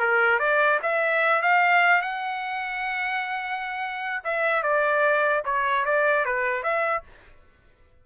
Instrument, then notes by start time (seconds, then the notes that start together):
trumpet
0.00 A#4
0.40 D5
0.83 E5
1.42 F5
2.02 F#5
4.24 E5
4.63 D5
5.45 C#5
5.85 D5
6.26 B4
6.63 E5